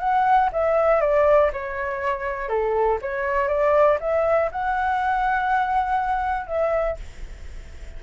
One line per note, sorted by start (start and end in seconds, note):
0.00 0.50 F#5
0.53 1.01 E5
1.01 1.51 D5
1.53 2.49 C#5
2.49 2.99 A4
3.02 3.48 C#5
3.48 3.98 D5
4.01 4.51 E5
4.52 6.47 F#5
6.47 6.97 E5